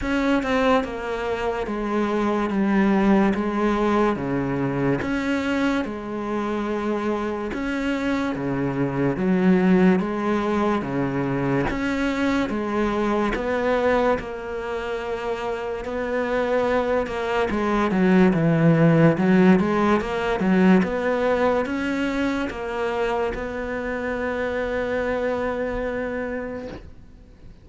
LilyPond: \new Staff \with { instrumentName = "cello" } { \time 4/4 \tempo 4 = 72 cis'8 c'8 ais4 gis4 g4 | gis4 cis4 cis'4 gis4~ | gis4 cis'4 cis4 fis4 | gis4 cis4 cis'4 gis4 |
b4 ais2 b4~ | b8 ais8 gis8 fis8 e4 fis8 gis8 | ais8 fis8 b4 cis'4 ais4 | b1 | }